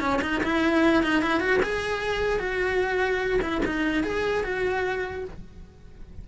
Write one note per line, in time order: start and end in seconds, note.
0.00 0.20 C#4
0.21 0.42 D#4
0.43 1.03 E4
1.03 1.22 D#4
1.22 1.40 E4
1.40 1.60 F#4
1.63 2.39 G#4
2.39 3.40 F#4
3.41 3.61 E4
3.65 4.03 D#4
4.03 4.43 G#4
4.43 5.24 F#4